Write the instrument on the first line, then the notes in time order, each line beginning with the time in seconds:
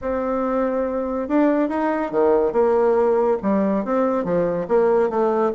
bassoon
0.01 C4
1.28 D4
1.68 D#4
2.11 D#3
2.52 A#3
3.42 G3
3.85 C4
4.24 F3
4.68 A#3
5.09 A3